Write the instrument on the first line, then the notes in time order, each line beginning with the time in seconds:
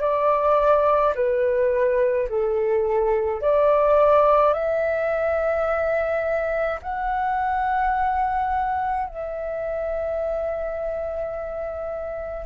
flute
0.00 D5
1.14 B4
2.28 A4
3.41 D5
4.53 E5
6.82 F#5
9.07 E5